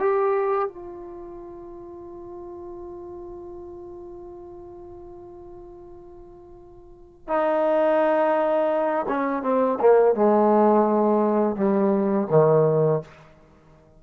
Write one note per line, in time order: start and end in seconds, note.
0.00 0.69 G4
0.69 7.28 F4
7.28 9.07 D#4
9.09 9.43 C#4
9.43 9.79 C4
9.81 10.16 A#3
10.16 11.56 G#3
11.56 12.28 G3
12.31 13.02 D#3